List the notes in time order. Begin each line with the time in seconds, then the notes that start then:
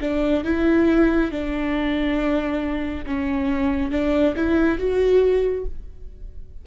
0.00 D4
0.44 E4
1.31 D4
3.06 C#4
3.91 D4
4.36 E4
4.78 F#4